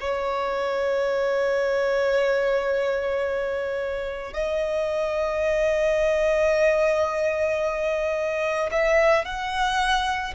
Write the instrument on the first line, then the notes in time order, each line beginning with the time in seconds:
violin
0.00 C#5
4.33 D#5
8.71 E5
9.24 F#5